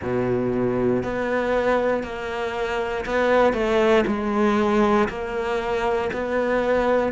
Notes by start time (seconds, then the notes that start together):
0.02 B2
1.03 B3
2.03 A#3
3.05 B3
3.53 A3
4.06 G#3
5.08 A#3
6.12 B3